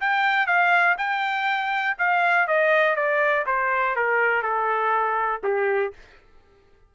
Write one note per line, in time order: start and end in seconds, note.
0.00 0.46 G5
0.46 0.96 F5
0.98 1.97 G5
1.98 2.47 F5
2.47 2.96 D#5
2.96 3.46 D5
3.46 3.96 C5
3.96 4.42 A#4
4.42 5.42 A4
5.43 5.93 G4